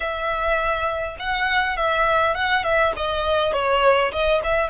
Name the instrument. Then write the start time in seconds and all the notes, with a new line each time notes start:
violin
0.00 E5
1.19 F#5
1.76 E5
2.34 F#5
2.63 E5
2.96 D#5
3.53 C#5
4.12 D#5
4.43 E5